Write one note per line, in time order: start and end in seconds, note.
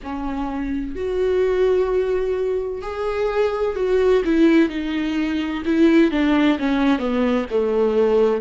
0.03 0.95 C#4
0.95 2.82 F#4
2.82 3.75 G#4
3.75 4.22 F#4
4.24 4.69 E4
4.69 5.62 D#4
5.65 6.11 E4
6.11 6.58 D4
6.58 6.98 C#4
6.98 7.45 B3
7.50 8.41 A3